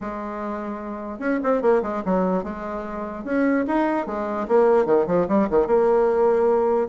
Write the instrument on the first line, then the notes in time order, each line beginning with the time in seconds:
bassoon
0.00 G#3
1.19 C#4
1.43 C4
1.61 A#3
1.82 G#3
2.05 F#3
2.43 G#3
3.24 C#4
3.67 D#4
4.06 G#3
4.48 A#3
4.85 D#3
5.06 F3
5.28 G3
5.50 D#3
5.66 A#3